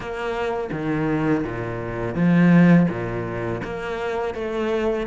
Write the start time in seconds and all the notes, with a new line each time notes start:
0.00 A#3
0.72 D#3
1.44 A#2
2.14 F3
2.89 A#2
3.63 A#3
4.34 A3